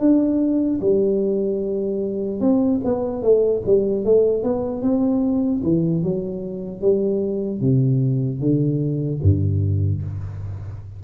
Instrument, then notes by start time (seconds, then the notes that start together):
tuba
0.00 D4
0.81 G3
2.41 C4
2.85 B3
3.23 A3
3.67 G3
4.05 A3
4.44 B3
4.83 C4
5.64 E3
6.03 F#3
6.82 G3
7.61 C3
8.40 D3
9.23 G2